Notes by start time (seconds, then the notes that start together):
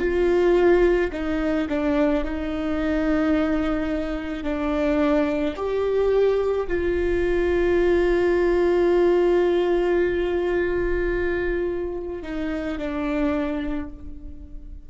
0.00 F4
1.13 D#4
1.70 D4
2.25 D#4
4.44 D4
5.57 G4
6.68 F4
12.23 D#4
12.78 D4